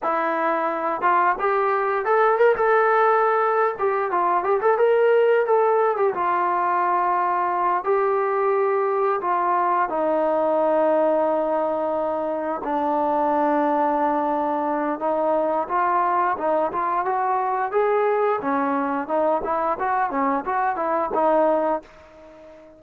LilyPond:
\new Staff \with { instrumentName = "trombone" } { \time 4/4 \tempo 4 = 88 e'4. f'8 g'4 a'8 ais'16 a'16~ | a'4. g'8 f'8 g'16 a'16 ais'4 | a'8. g'16 f'2~ f'8 g'8~ | g'4. f'4 dis'4.~ |
dis'2~ dis'8 d'4.~ | d'2 dis'4 f'4 | dis'8 f'8 fis'4 gis'4 cis'4 | dis'8 e'8 fis'8 cis'8 fis'8 e'8 dis'4 | }